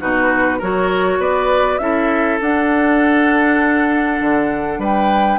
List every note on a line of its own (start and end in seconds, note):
0.00 0.62 B2
0.00 0.60 D#4
0.00 0.58 F#4
0.00 0.61 B4
0.58 1.19 F#3
0.58 1.80 F#4
0.58 1.19 A#4
0.58 1.22 C#5
1.19 1.79 B3
1.19 1.80 B4
1.19 1.78 D5
1.78 2.39 C#4
1.78 2.40 E4
1.78 4.80 A4
1.78 2.38 E5
2.41 4.21 D4
2.41 5.39 D4
2.41 4.82 F#5
4.21 4.78 D3
4.78 5.38 G3
4.78 5.39 B4
4.78 5.39 G5